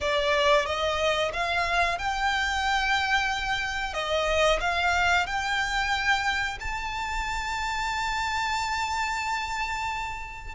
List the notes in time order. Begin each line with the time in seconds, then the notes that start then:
0.00 D5
0.65 D#5
1.33 F5
1.98 G5
3.93 D#5
4.60 F5
5.26 G5
6.59 A5